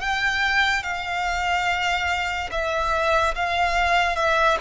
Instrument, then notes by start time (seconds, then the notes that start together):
violin
0.00 G5
0.83 F5
2.51 E5
3.35 F5
4.16 E5